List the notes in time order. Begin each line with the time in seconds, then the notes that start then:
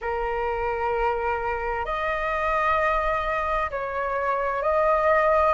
0.01 A#4
1.85 D#5
3.70 C#5
4.62 D#5